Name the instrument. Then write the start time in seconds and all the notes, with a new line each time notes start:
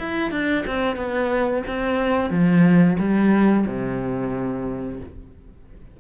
cello
0.00 E4
0.32 D4
0.67 C4
0.97 B3
1.68 C4
2.31 F3
2.99 G3
3.67 C3